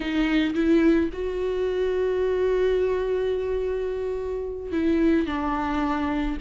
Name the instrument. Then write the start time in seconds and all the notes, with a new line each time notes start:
viola
0.00 D#4
0.54 E4
1.12 F#4
4.72 E4
5.26 D4